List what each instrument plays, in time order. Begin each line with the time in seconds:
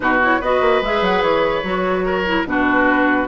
0.00 bassoon B2, clarinet D#4, oboe F#4, flute B4
0.22 clarinet E4, flute C#5
0.40 bassoon B3, clarinet F#4, oboe B4, flute D#5
0.60 bassoon A#3
0.81 bassoon G#3, clarinet G#4, flute E5
1.01 bassoon F#3, flute F#5
1.22 bassoon E3, flute C#5
1.63 bassoon F#3, clarinet F#4
2.05 oboe A#4
2.26 clarinet E4
2.45 bassoon B2, clarinet D4, oboe F#4, flute B4